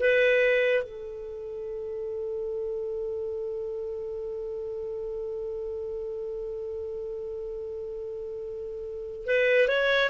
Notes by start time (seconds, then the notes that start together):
0.00 B4
0.84 A4
9.27 B4
9.69 C#5